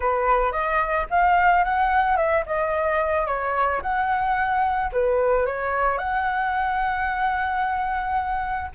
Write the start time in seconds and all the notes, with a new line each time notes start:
0.00 B4
0.52 D#5
1.09 F5
1.64 F#5
2.16 E5
2.46 D#5
3.26 C#5
3.82 F#5
4.92 B4
5.45 C#5
5.98 F#5